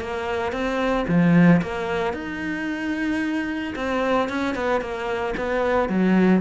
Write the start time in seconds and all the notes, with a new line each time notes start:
0.00 A#3
0.52 C4
1.08 F3
1.61 A#3
2.13 D#4
3.75 C4
4.29 C#4
4.55 B3
4.81 A#3
5.37 B3
5.89 F#3